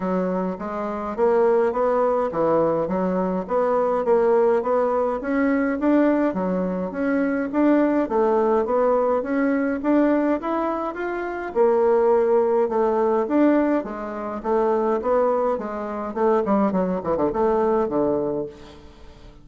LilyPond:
\new Staff \with { instrumentName = "bassoon" } { \time 4/4 \tempo 4 = 104 fis4 gis4 ais4 b4 | e4 fis4 b4 ais4 | b4 cis'4 d'4 fis4 | cis'4 d'4 a4 b4 |
cis'4 d'4 e'4 f'4 | ais2 a4 d'4 | gis4 a4 b4 gis4 | a8 g8 fis8 e16 d16 a4 d4 | }